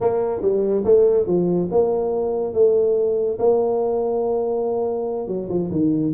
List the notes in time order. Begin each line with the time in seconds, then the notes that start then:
0.00 A#3
0.41 G3
0.84 A3
1.27 F3
1.71 A#3
2.53 A3
3.38 A#3
5.27 F#3
5.49 F3
5.70 D#3